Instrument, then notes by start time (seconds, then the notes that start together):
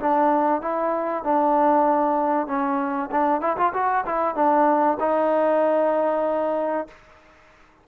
trombone
0.00 D4
0.62 E4
1.24 D4
2.47 C#4
3.12 D4
3.41 E4
3.57 F4
3.74 F#4
4.06 E4
4.36 D4
5.00 D#4